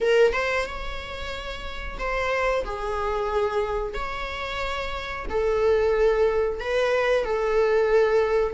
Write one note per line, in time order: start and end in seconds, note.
0.00 0.33 A#4
0.33 0.66 C5
0.66 1.98 C#5
1.98 2.64 C5
2.64 3.94 G#4
3.94 5.25 C#5
5.29 6.60 A4
6.60 7.24 B4
7.24 8.54 A4